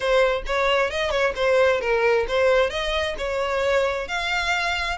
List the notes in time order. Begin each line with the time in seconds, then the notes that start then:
0.00 C5
0.46 C#5
0.90 D#5
1.10 C#5
1.35 C5
1.80 A#4
2.28 C5
2.69 D#5
3.18 C#5
4.08 F5